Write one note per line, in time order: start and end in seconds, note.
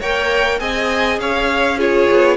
0.00 0.61 A#3
0.00 0.60 A#4
0.00 0.59 C#5
0.00 0.60 G5
0.60 1.19 C4
0.60 1.78 G#4
0.60 1.20 D#5
0.60 1.20 G#5
1.19 2.08 C#4
1.19 1.78 C#5
1.19 1.80 F5
1.78 2.37 F4
1.78 2.37 G#4
1.78 2.37 C#5
2.11 2.37 B3